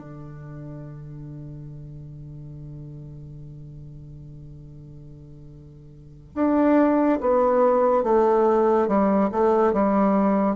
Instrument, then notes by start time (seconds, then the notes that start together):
bassoon
0.00 D3
6.36 D4
7.21 B3
8.04 A3
8.88 G3
9.32 A3
9.74 G3